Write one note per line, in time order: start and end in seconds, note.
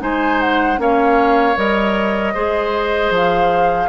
0.00 0.79 G#3
0.00 0.78 D#4
0.00 0.81 C5
0.00 0.41 G#5
0.41 0.80 F#5
0.78 1.56 A#3
0.78 1.56 C#4
0.78 2.34 C#5
0.78 1.58 F5
1.56 2.35 G3
1.56 2.34 A#4
1.56 3.14 D#5
2.34 3.11 G#3
2.34 3.90 G#4
2.34 3.90 C5
3.11 3.89 F3
3.11 3.90 F5